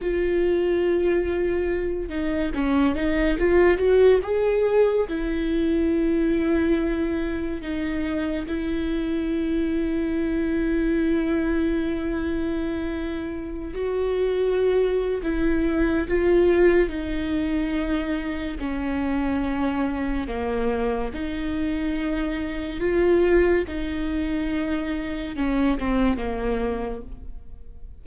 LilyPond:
\new Staff \with { instrumentName = "viola" } { \time 4/4 \tempo 4 = 71 f'2~ f'8 dis'8 cis'8 dis'8 | f'8 fis'8 gis'4 e'2~ | e'4 dis'4 e'2~ | e'1~ |
e'16 fis'4.~ fis'16 e'4 f'4 | dis'2 cis'2 | ais4 dis'2 f'4 | dis'2 cis'8 c'8 ais4 | }